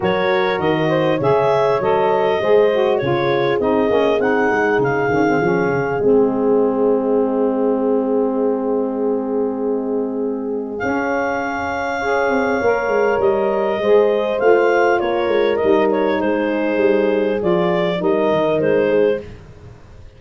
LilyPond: <<
  \new Staff \with { instrumentName = "clarinet" } { \time 4/4 \tempo 4 = 100 cis''4 dis''4 e''4 dis''4~ | dis''4 cis''4 dis''4 fis''4 | f''2 dis''2~ | dis''1~ |
dis''2 f''2~ | f''2 dis''2 | f''4 cis''4 dis''8 cis''8 c''4~ | c''4 d''4 dis''4 c''4 | }
  \new Staff \with { instrumentName = "horn" } { \time 4/4 ais'4. c''8 cis''2 | c''4 gis'2.~ | gis'1~ | gis'1~ |
gis'1 | cis''2. c''4~ | c''4 ais'2 gis'4~ | gis'2 ais'4. gis'8 | }
  \new Staff \with { instrumentName = "saxophone" } { \time 4/4 fis'2 gis'4 a'4 | gis'8 fis'8 f'4 dis'8 cis'8 dis'4~ | dis'8 cis'16 c'16 cis'4 c'2~ | c'1~ |
c'2 cis'2 | gis'4 ais'2 gis'4 | f'2 dis'2~ | dis'4 f'4 dis'2 | }
  \new Staff \with { instrumentName = "tuba" } { \time 4/4 fis4 dis4 cis4 fis4 | gis4 cis4 c'8 ais8 c'8 gis8 | cis8 dis8 f8 cis8 gis2~ | gis1~ |
gis2 cis'2~ | cis'8 c'8 ais8 gis8 g4 gis4 | a4 ais8 gis8 g4 gis4 | g4 f4 g8 dis8 gis4 | }
>>